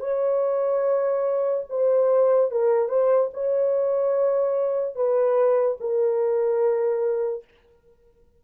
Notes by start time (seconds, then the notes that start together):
0.00 C#5
1.70 C5
2.51 A#4
2.89 C5
3.34 C#5
4.95 B4
5.80 A#4